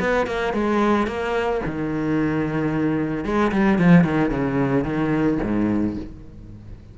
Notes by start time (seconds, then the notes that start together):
0.00 B3
0.27 A#3
0.54 G#3
1.07 A#3
1.66 D#3
3.25 G#3
3.52 G3
3.79 F3
4.05 D#3
4.30 C#3
4.85 D#3
5.43 G#2